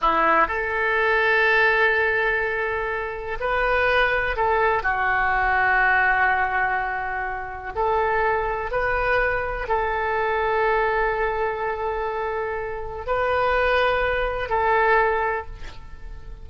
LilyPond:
\new Staff \with { instrumentName = "oboe" } { \time 4/4 \tempo 4 = 124 e'4 a'2.~ | a'2. b'4~ | b'4 a'4 fis'2~ | fis'1 |
a'2 b'2 | a'1~ | a'2. b'4~ | b'2 a'2 | }